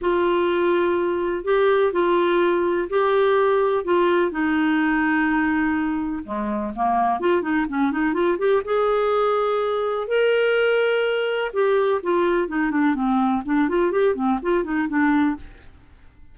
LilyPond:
\new Staff \with { instrumentName = "clarinet" } { \time 4/4 \tempo 4 = 125 f'2. g'4 | f'2 g'2 | f'4 dis'2.~ | dis'4 gis4 ais4 f'8 dis'8 |
cis'8 dis'8 f'8 g'8 gis'2~ | gis'4 ais'2. | g'4 f'4 dis'8 d'8 c'4 | d'8 f'8 g'8 c'8 f'8 dis'8 d'4 | }